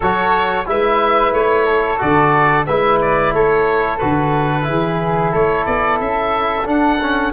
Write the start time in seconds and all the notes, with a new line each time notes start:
0.00 F#3 F#4 A4 C#5
0.65 G#3 E4 B4 E5
1.32 A3 C#5
1.65 A4
1.98 D3 F#4 D5
2.66 G#3 E4 B4 E5
3.01 D5
3.33 A3 A4 C#5
3.98 D3 F#4 B4
4.62 E4 G#4
4.69 E3
5.32 A3 A4 C#5
5.65 B3 D5
6.00 C#4 E5
6.65 D4 F#5
7.01 C#4